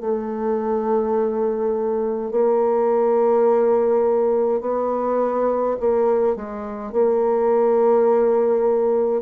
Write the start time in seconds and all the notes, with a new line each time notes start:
0.00 A3
2.31 A#3
4.60 B3
5.80 A#3
6.35 G#3
6.92 A#3